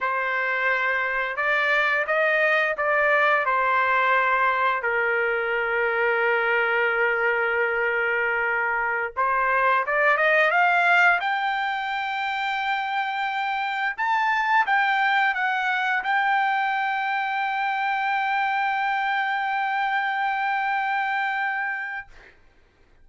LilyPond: \new Staff \with { instrumentName = "trumpet" } { \time 4/4 \tempo 4 = 87 c''2 d''4 dis''4 | d''4 c''2 ais'4~ | ais'1~ | ais'4~ ais'16 c''4 d''8 dis''8 f''8.~ |
f''16 g''2.~ g''8.~ | g''16 a''4 g''4 fis''4 g''8.~ | g''1~ | g''1 | }